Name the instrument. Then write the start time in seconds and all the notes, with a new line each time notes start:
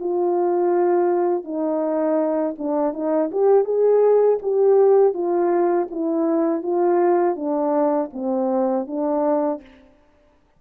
horn
0.00 F4
1.44 D#4
2.58 D4
2.93 D#4
3.31 G4
3.65 G#4
4.42 G4
5.14 F4
5.91 E4
6.63 F4
7.36 D4
8.13 C4
8.87 D4